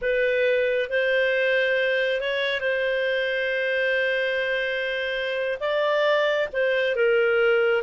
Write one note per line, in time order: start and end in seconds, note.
0.01 0.89 B4
0.89 2.21 C5
2.21 2.60 C#5
2.60 5.58 C5
5.60 6.48 D5
6.52 6.95 C5
6.95 7.82 A#4